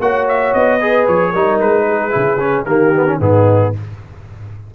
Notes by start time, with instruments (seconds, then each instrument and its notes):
0.00 tuba A#3, trombone F#4, horn C#5, trumpet F#5
0.28 trumpet E5
0.54 tuba B3, trumpet D#5
0.80 trombone G#4, horn B4
1.07 tuba F3, trumpet C#5
1.31 tuba G3, trombone D#4, horn A#4
1.60 tuba G#3, trumpet B4
1.87 horn G#4
2.11 tuba C#3, trombone E4
2.39 trombone C#4
2.65 tuba D#3, trombone A#3, horn G4, trumpet A#4
2.95 trombone B3
3.07 trombone C#4
3.20 tuba G#2, trombone B3, horn D#4, trumpet G#4